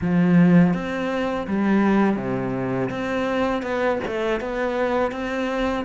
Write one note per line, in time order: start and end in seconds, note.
0.01 0.73 F3
0.73 1.46 C4
1.47 2.16 G3
2.16 2.89 C3
2.90 3.62 C4
3.62 3.99 B3
4.07 4.40 A3
4.40 5.11 B3
5.11 5.84 C4